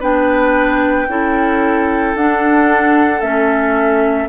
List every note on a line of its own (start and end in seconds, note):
0.00 1.08 B3
0.00 1.08 D4
0.00 1.07 B4
0.00 2.17 G5
1.08 2.15 C#4
1.08 2.16 E4
1.08 4.29 A4
2.15 3.22 D4
2.15 3.23 D4
2.15 3.21 F#5
3.21 4.29 A3
3.21 4.29 C#4
3.21 4.29 E5